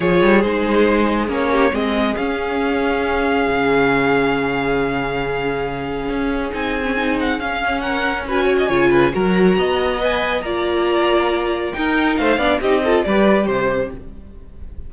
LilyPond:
<<
  \new Staff \with { instrumentName = "violin" } { \time 4/4 \tempo 4 = 138 cis''4 c''2 cis''4 | dis''4 f''2.~ | f''1~ | f''2. gis''4~ |
gis''8 fis''8 f''4 fis''4 gis''4~ | gis''4 ais''2 gis''4 | ais''2. g''4 | f''4 dis''4 d''4 c''4 | }
  \new Staff \with { instrumentName = "violin" } { \time 4/4 gis'2.~ gis'8 g'8 | gis'1~ | gis'1~ | gis'1~ |
gis'2 ais'4 b'8 cis''16 dis''16 | cis''8 b'8 ais'4 dis''2 | d''2. ais'4 | c''8 d''8 g'8 a'8 b'4 c''4 | }
  \new Staff \with { instrumentName = "viola" } { \time 4/4 f'4 dis'2 cis'4 | c'4 cis'2.~ | cis'1~ | cis'2. dis'8. cis'16 |
dis'4 cis'2 fis'4 | f'4 fis'2 b'4 | f'2. dis'4~ | dis'8 d'8 dis'8 f'8 g'2 | }
  \new Staff \with { instrumentName = "cello" } { \time 4/4 f8 g8 gis2 ais4 | gis4 cis'2. | cis1~ | cis2 cis'4 c'4~ |
c'4 cis'2. | cis4 fis4 b2 | ais2. dis'4 | a8 b8 c'4 g4 c4 | }
>>